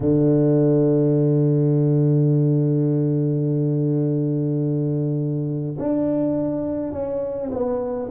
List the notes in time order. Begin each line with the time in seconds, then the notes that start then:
0.00 D3
5.78 D4
6.92 C#4
7.51 B3